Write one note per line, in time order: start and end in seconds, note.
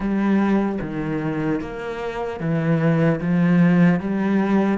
0.00 0.78 G3
0.81 1.60 D#3
1.60 2.40 A#3
2.40 3.20 E3
3.20 4.00 F3
4.00 4.78 G3